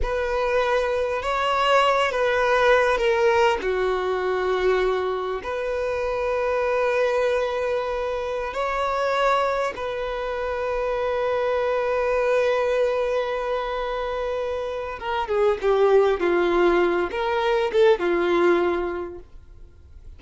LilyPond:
\new Staff \with { instrumentName = "violin" } { \time 4/4 \tempo 4 = 100 b'2 cis''4. b'8~ | b'4 ais'4 fis'2~ | fis'4 b'2.~ | b'2~ b'16 cis''4.~ cis''16~ |
cis''16 b'2.~ b'8.~ | b'1~ | b'4 ais'8 gis'8 g'4 f'4~ | f'8 ais'4 a'8 f'2 | }